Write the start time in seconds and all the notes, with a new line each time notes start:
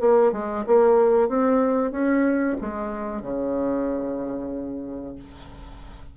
0.00 A#3
0.32 G#3
0.66 A#3
1.28 C4
1.91 C#4
2.60 G#3
3.21 C#3